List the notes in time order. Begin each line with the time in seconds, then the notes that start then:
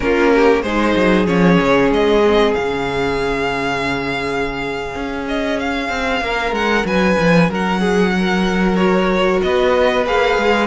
0.00 A#3 C#4 F4 A#4
0.34 G4
0.62 G#3 D#4 G#4 C5
0.96 F#3
1.26 F3 C#4 C#5
1.59 C#3
1.90 G#3 D#5
2.25 C4
2.54 C#3 C#4 F5
4.94 C#4
5.28 D#5
5.59 F5
5.89 C4
6.21 A#3 A#4
6.51 G#3 F#5
6.85 F#3 B4 G#5
7.18 F3
7.49 F#3 A#4 F#5
7.80 G#4
8.18 A#4
8.76 F#4 C#5
9.42 B3 B4 D#5
10.05 A#3 G#4 F5
10.37 G#3